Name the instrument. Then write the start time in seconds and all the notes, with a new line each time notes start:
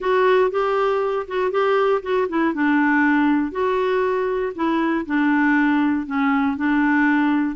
clarinet
0.00 F#4
0.50 G4
1.27 F#4
1.51 G4
2.02 F#4
2.28 E4
2.54 D4
3.51 F#4
4.55 E4
5.06 D4
6.06 C#4
6.56 D4